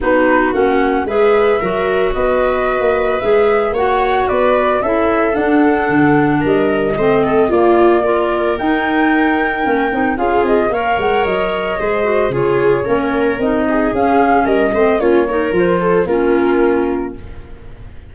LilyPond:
<<
  \new Staff \with { instrumentName = "flute" } { \time 4/4 \tempo 4 = 112 b'4 fis''4 e''2 | dis''2 e''4 fis''4 | d''4 e''4 fis''2 | dis''2 d''2 |
g''2. f''8 dis''8 | f''8 fis''8 dis''2 cis''4~ | cis''4 dis''4 f''4 dis''4 | cis''4 c''4 ais'2 | }
  \new Staff \with { instrumentName = "viola" } { \time 4/4 fis'2 b'4 ais'4 | b'2. cis''4 | b'4 a'2. | ais'4 c''8 a'8 f'4 ais'4~ |
ais'2. gis'4 | cis''2 c''4 gis'4 | ais'4. gis'4. ais'8 c''8 | f'8 ais'4 a'8 f'2 | }
  \new Staff \with { instrumentName = "clarinet" } { \time 4/4 dis'4 cis'4 gis'4 fis'4~ | fis'2 gis'4 fis'4~ | fis'4 e'4 d'2~ | d'4 c'4 ais4 f'4 |
dis'2 cis'8 dis'8 f'4 | ais'2 gis'8 fis'8 f'4 | cis'4 dis'4 cis'4. c'8 | cis'8 dis'8 f'4 cis'2 | }
  \new Staff \with { instrumentName = "tuba" } { \time 4/4 b4 ais4 gis4 fis4 | b4~ b16 ais8. gis4 ais4 | b4 cis'4 d'4 d4 | g4 a4 ais2 |
dis'2 ais8 c'8 cis'8 c'8 | ais8 gis8 fis4 gis4 cis4 | ais4 c'4 cis'4 g8 a8 | ais4 f4 ais2 | }
>>